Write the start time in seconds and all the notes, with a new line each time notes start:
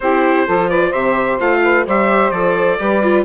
0.00 C4 E4 G4 C5
0.46 F3 F4 A4
0.69 B4 D5
0.89 C3 G4 C5 E5
1.39 A3 F4 F5
1.63 B4
1.86 G3 G4 C5 E5
2.30 F3 A4 D5
2.79 G3 G4 B4
3.02 F4